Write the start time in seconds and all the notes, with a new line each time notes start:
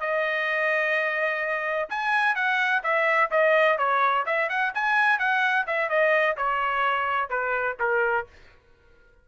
0.00 D#5
1.89 G#5
2.35 F#5
2.83 E5
3.31 D#5
3.78 C#5
4.26 E5
4.49 F#5
4.74 G#5
5.19 F#5
5.66 E5
5.89 D#5
6.37 C#5
7.29 B4
7.79 A#4